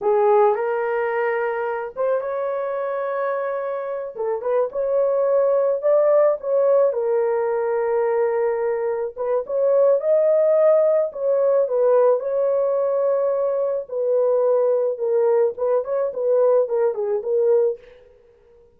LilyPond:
\new Staff \with { instrumentName = "horn" } { \time 4/4 \tempo 4 = 108 gis'4 ais'2~ ais'8 c''8 | cis''2.~ cis''8 a'8 | b'8 cis''2 d''4 cis''8~ | cis''8 ais'2.~ ais'8~ |
ais'8 b'8 cis''4 dis''2 | cis''4 b'4 cis''2~ | cis''4 b'2 ais'4 | b'8 cis''8 b'4 ais'8 gis'8 ais'4 | }